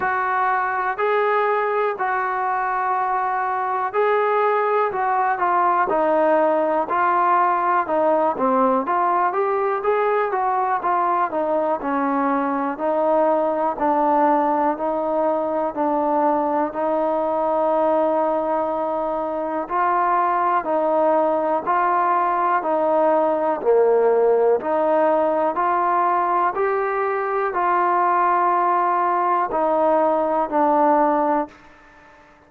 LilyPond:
\new Staff \with { instrumentName = "trombone" } { \time 4/4 \tempo 4 = 61 fis'4 gis'4 fis'2 | gis'4 fis'8 f'8 dis'4 f'4 | dis'8 c'8 f'8 g'8 gis'8 fis'8 f'8 dis'8 | cis'4 dis'4 d'4 dis'4 |
d'4 dis'2. | f'4 dis'4 f'4 dis'4 | ais4 dis'4 f'4 g'4 | f'2 dis'4 d'4 | }